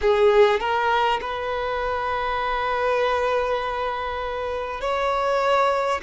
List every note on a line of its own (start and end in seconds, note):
0.01 0.59 G#4
0.59 1.19 A#4
1.21 4.80 B4
4.80 6.00 C#5